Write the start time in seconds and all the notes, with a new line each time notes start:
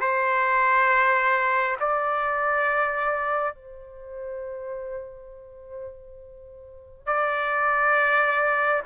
0.00 C5
1.80 D5
3.55 C5
7.06 D5